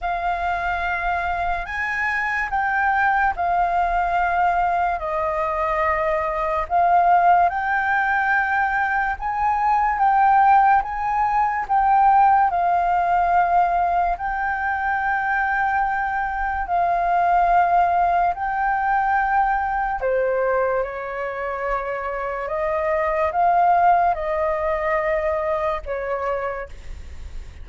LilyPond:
\new Staff \with { instrumentName = "flute" } { \time 4/4 \tempo 4 = 72 f''2 gis''4 g''4 | f''2 dis''2 | f''4 g''2 gis''4 | g''4 gis''4 g''4 f''4~ |
f''4 g''2. | f''2 g''2 | c''4 cis''2 dis''4 | f''4 dis''2 cis''4 | }